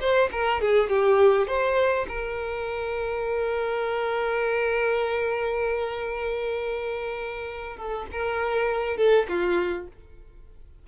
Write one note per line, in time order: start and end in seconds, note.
0.00 0.29 C5
0.32 0.61 A#4
0.61 0.89 G#4
0.89 1.47 G4
1.47 2.06 C5
2.08 7.77 A#4
7.77 8.06 A4
8.11 8.97 A#4
8.97 9.26 A4
9.28 9.87 F4